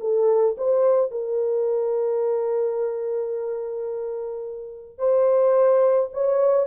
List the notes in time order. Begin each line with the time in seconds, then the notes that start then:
0.00 A4
0.57 C5
1.11 A#4
4.98 C5
6.13 C#5